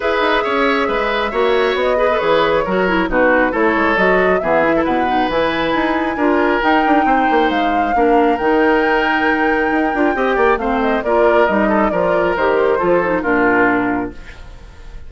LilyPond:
<<
  \new Staff \with { instrumentName = "flute" } { \time 4/4 \tempo 4 = 136 e''1 | dis''4 cis''2 b'4 | cis''4 dis''4 e''4 fis''4 | gis''2. g''4~ |
g''4 f''2 g''4~ | g''1 | f''8 dis''8 d''4 dis''4 d''4 | c''2 ais'2 | }
  \new Staff \with { instrumentName = "oboe" } { \time 4/4 b'4 cis''4 b'4 cis''4~ | cis''8 b'4. ais'4 fis'4 | a'2 gis'8. a'16 b'4~ | b'2 ais'2 |
c''2 ais'2~ | ais'2. dis''8 d''8 | c''4 ais'4. a'8 ais'4~ | ais'4 a'4 f'2 | }
  \new Staff \with { instrumentName = "clarinet" } { \time 4/4 gis'2. fis'4~ | fis'8 gis'16 a'16 gis'4 fis'8 e'8 dis'4 | e'4 fis'4 b8 e'4 dis'8 | e'2 f'4 dis'4~ |
dis'2 d'4 dis'4~ | dis'2~ dis'8 f'8 g'4 | c'4 f'4 dis'4 f'4 | g'4 f'8 dis'8 d'2 | }
  \new Staff \with { instrumentName = "bassoon" } { \time 4/4 e'8 dis'8 cis'4 gis4 ais4 | b4 e4 fis4 b,4 | a8 gis8 fis4 e4 b,4 | e4 dis'4 d'4 dis'8 d'8 |
c'8 ais8 gis4 ais4 dis4~ | dis2 dis'8 d'8 c'8 ais8 | a4 ais4 g4 f4 | dis4 f4 ais,2 | }
>>